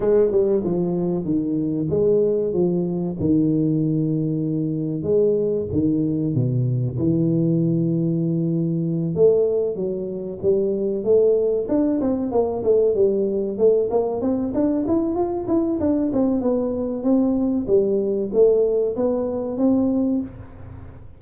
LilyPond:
\new Staff \with { instrumentName = "tuba" } { \time 4/4 \tempo 4 = 95 gis8 g8 f4 dis4 gis4 | f4 dis2. | gis4 dis4 b,4 e4~ | e2~ e8 a4 fis8~ |
fis8 g4 a4 d'8 c'8 ais8 | a8 g4 a8 ais8 c'8 d'8 e'8 | f'8 e'8 d'8 c'8 b4 c'4 | g4 a4 b4 c'4 | }